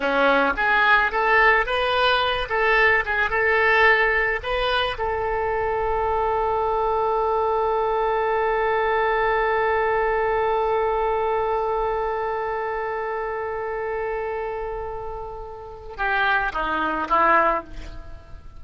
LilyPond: \new Staff \with { instrumentName = "oboe" } { \time 4/4 \tempo 4 = 109 cis'4 gis'4 a'4 b'4~ | b'8 a'4 gis'8 a'2 | b'4 a'2.~ | a'1~ |
a'1~ | a'1~ | a'1~ | a'4 g'4 dis'4 e'4 | }